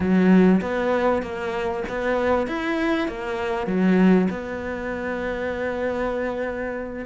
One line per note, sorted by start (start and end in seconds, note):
0.00 0.60 F#3
0.61 1.22 B3
1.22 1.83 A#3
1.88 2.47 B3
2.47 3.08 E4
3.08 3.66 A#3
3.66 4.27 F#3
4.30 7.05 B3